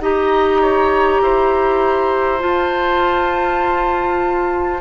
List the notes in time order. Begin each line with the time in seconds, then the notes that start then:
0.00 D#4 G4 D#5 A#5
0.61 C#5
1.21 E4 C5
2.39 F4 A5